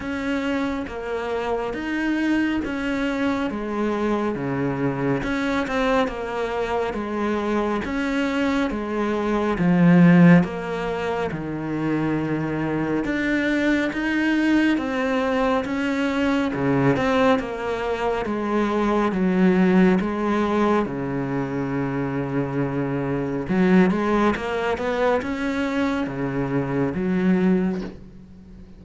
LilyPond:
\new Staff \with { instrumentName = "cello" } { \time 4/4 \tempo 4 = 69 cis'4 ais4 dis'4 cis'4 | gis4 cis4 cis'8 c'8 ais4 | gis4 cis'4 gis4 f4 | ais4 dis2 d'4 |
dis'4 c'4 cis'4 cis8 c'8 | ais4 gis4 fis4 gis4 | cis2. fis8 gis8 | ais8 b8 cis'4 cis4 fis4 | }